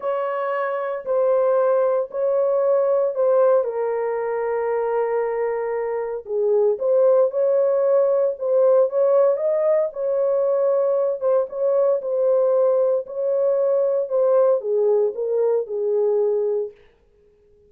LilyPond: \new Staff \with { instrumentName = "horn" } { \time 4/4 \tempo 4 = 115 cis''2 c''2 | cis''2 c''4 ais'4~ | ais'1 | gis'4 c''4 cis''2 |
c''4 cis''4 dis''4 cis''4~ | cis''4. c''8 cis''4 c''4~ | c''4 cis''2 c''4 | gis'4 ais'4 gis'2 | }